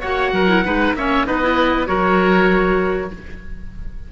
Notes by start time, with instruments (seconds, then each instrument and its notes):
0.00 cello A#3, clarinet F#4, oboe C#5 F#5
0.32 cello F#3, oboe A#4
0.47 clarinet E4
0.65 cello G#3, clarinet D#4, oboe B4
0.93 cello A#3, clarinet C#4, oboe C#5 E5
1.26 cello B3, clarinet D#4, oboe B4 D#5
1.42 clarinet E4
1.86 cello F#3, clarinet F#4, oboe A#4 C#5